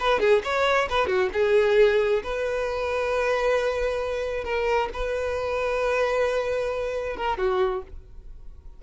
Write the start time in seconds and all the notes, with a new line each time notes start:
0.00 B4
0.20 G#4
0.44 C#5
0.90 B4
1.07 F#4
1.33 G#4
2.23 B4
4.44 A#4
4.93 B4
7.17 A#4
7.38 F#4